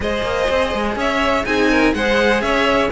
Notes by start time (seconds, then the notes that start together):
0.00 G#3 G#4 C5 D#5
0.22 A#3
0.50 C4
0.74 G#3
0.95 C#4 C#5 E5
1.45 C4 D#4 G#4 G#5
1.71 A#4
1.92 G#3 G#4 C5 F#5
2.41 C#4 C#5 E5